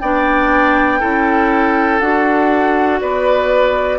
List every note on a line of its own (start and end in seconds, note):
0.00 1.02 B3
0.00 1.00 D4
0.00 1.00 D5
0.00 2.00 G5
1.00 2.00 C#4
1.00 2.00 E4
1.00 3.00 A4
2.00 3.00 D4
2.00 3.99 F#4
2.00 3.00 F#5
3.00 3.99 B3
3.00 3.99 B4
3.00 3.99 D5